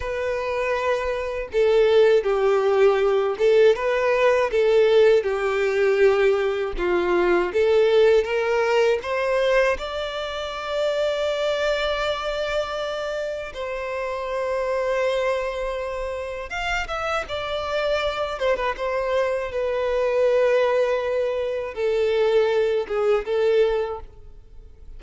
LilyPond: \new Staff \with { instrumentName = "violin" } { \time 4/4 \tempo 4 = 80 b'2 a'4 g'4~ | g'8 a'8 b'4 a'4 g'4~ | g'4 f'4 a'4 ais'4 | c''4 d''2.~ |
d''2 c''2~ | c''2 f''8 e''8 d''4~ | d''8 c''16 b'16 c''4 b'2~ | b'4 a'4. gis'8 a'4 | }